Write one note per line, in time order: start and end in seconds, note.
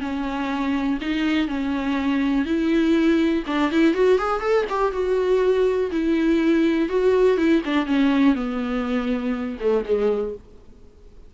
0.00 0.98 C#4
1.01 1.48 D#4
1.48 2.45 C#4
2.45 3.44 E4
3.46 3.71 D4
3.71 3.94 E4
3.94 4.18 F#4
4.18 4.40 G#4
4.40 4.65 A4
4.69 4.92 G4
4.92 5.90 F#4
5.91 6.89 E4
6.89 7.37 F#4
7.37 7.62 E4
7.65 7.86 D4
7.86 8.35 C#4
8.35 9.57 B3
9.60 9.84 A3
9.85 10.34 G#3